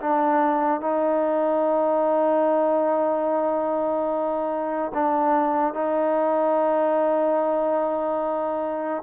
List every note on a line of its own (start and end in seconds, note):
0.00 0.81 D4
0.81 4.92 D#4
4.94 5.73 D4
5.73 9.02 D#4